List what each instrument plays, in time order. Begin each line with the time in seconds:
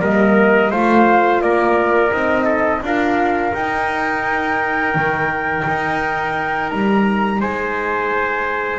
0.00 double bass G3, horn A#3, trumpet A#4, flute D#5
0.71 double bass A3, horn F4, trumpet C5, flute F5
1.41 double bass A#3, trumpet A#4, flute D5
2.12 double bass C4, horn D#4, flute D#5
2.44 trumpet A4
2.82 double bass D4, horn F4, trumpet A#4, flute F5
3.54 double bass D#4, horn D#4, flute G5
4.95 double bass D#3
5.67 double bass D#4
6.70 double bass G3, flute A#5
7.40 double bass G#3, trumpet C5, flute G#5